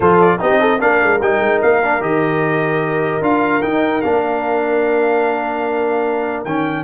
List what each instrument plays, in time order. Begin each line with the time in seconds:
0.00 tuba F3, trombone F4, horn A4, trumpet C5
0.21 trumpet D5
0.38 tuba C4, trombone D#4, horn G4, trumpet D#5
0.60 horn A4
0.79 tuba A#3, trombone D4, horn A#4, trumpet F5
1.02 tuba G#3
1.20 tuba G3, trombone D#4, trumpet G5
1.40 tuba G#3
1.62 tuba A#3, trumpet F5
1.83 trombone D4
2.00 tuba D#3, trombone G4, trumpet D#5
3.21 tuba D4, trombone F4, trumpet F5
3.62 trombone D#4, tuba D#4, trumpet G5
4.01 tuba A#3, trombone D4, trumpet F5
6.44 tuba D#3, trombone C#4, trumpet G5